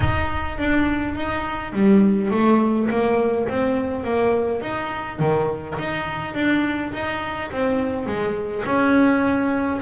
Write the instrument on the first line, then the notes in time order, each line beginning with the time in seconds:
double bass
0.00 D#4
0.58 D4
1.15 D#4
1.73 G3
2.31 A3
2.90 A#3
3.48 C4
4.04 A#3
4.61 D#4
5.19 D#3
5.78 D#4
6.34 D4
6.93 D#4
7.51 C4
8.06 G#3
8.65 C#4